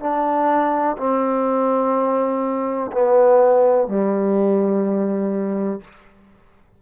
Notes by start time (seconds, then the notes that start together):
0.00 D4
0.98 C4
2.92 B3
3.88 G3